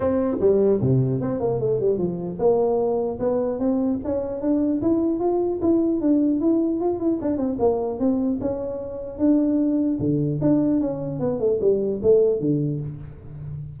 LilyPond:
\new Staff \with { instrumentName = "tuba" } { \time 4/4 \tempo 4 = 150 c'4 g4 c4 c'8 ais8 | a8 g8 f4 ais2 | b4 c'4 cis'4 d'4 | e'4 f'4 e'4 d'4 |
e'4 f'8 e'8 d'8 c'8 ais4 | c'4 cis'2 d'4~ | d'4 d4 d'4 cis'4 | b8 a8 g4 a4 d4 | }